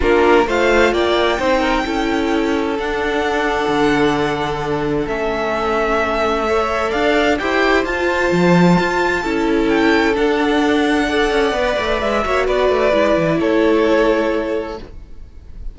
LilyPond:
<<
  \new Staff \with { instrumentName = "violin" } { \time 4/4 \tempo 4 = 130 ais'4 f''4 g''2~ | g''2 fis''2~ | fis''2. e''4~ | e''2. f''4 |
g''4 a''2.~ | a''4 g''4 fis''2~ | fis''2 e''4 d''4~ | d''4 cis''2. | }
  \new Staff \with { instrumentName = "violin" } { \time 4/4 f'4 c''4 d''4 c''8 ais'8 | a'1~ | a'1~ | a'2 cis''4 d''4 |
c''1 | a'1 | d''2~ d''8 cis''8 b'4~ | b'4 a'2. | }
  \new Staff \with { instrumentName = "viola" } { \time 4/4 d'4 f'2 dis'4 | e'2 d'2~ | d'2. cis'4~ | cis'2 a'2 |
g'4 f'2. | e'2 d'2 | a'4 b'4. fis'4. | e'1 | }
  \new Staff \with { instrumentName = "cello" } { \time 4/4 ais4 a4 ais4 c'4 | cis'2 d'2 | d2. a4~ | a2. d'4 |
e'4 f'4 f4 f'4 | cis'2 d'2~ | d'8 cis'8 b8 a8 gis8 ais8 b8 a8 | gis8 e8 a2. | }
>>